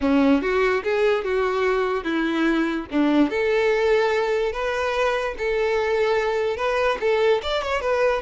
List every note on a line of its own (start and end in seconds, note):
0.00 0.41 C#4
0.42 0.83 F#4
0.83 1.24 G#4
1.24 2.04 F#4
2.04 2.86 E4
2.91 3.30 D4
3.30 4.52 A4
4.52 5.34 B4
5.38 6.57 A4
6.57 6.98 B4
7.00 7.41 A4
7.42 7.62 D5
7.62 7.81 C#5
7.81 8.22 B4